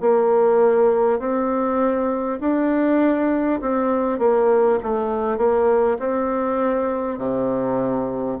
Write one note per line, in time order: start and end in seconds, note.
0.00 1.19 A#3
1.19 2.39 C4
2.40 3.60 D4
3.61 4.18 C4
4.18 4.78 A#3
4.82 5.37 A3
5.37 5.97 A#3
5.99 7.18 C4
7.18 8.38 C3